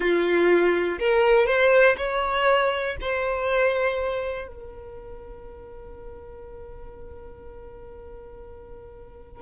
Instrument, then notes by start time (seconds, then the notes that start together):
violin
0.00 F4
0.99 A#4
1.46 C5
1.97 C#5
3.00 C5
4.47 A#4